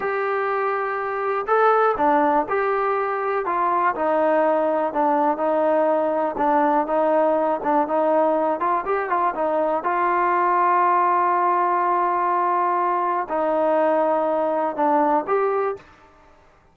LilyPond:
\new Staff \with { instrumentName = "trombone" } { \time 4/4 \tempo 4 = 122 g'2. a'4 | d'4 g'2 f'4 | dis'2 d'4 dis'4~ | dis'4 d'4 dis'4. d'8 |
dis'4. f'8 g'8 f'8 dis'4 | f'1~ | f'2. dis'4~ | dis'2 d'4 g'4 | }